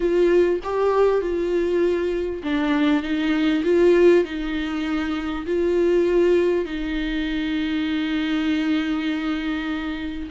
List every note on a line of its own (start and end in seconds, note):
0.00 0.60 F4
0.63 1.21 G4
1.21 2.42 F4
2.43 3.02 D4
3.02 3.63 D#4
3.64 4.24 F4
4.24 5.45 D#4
5.45 6.65 F4
6.65 10.29 D#4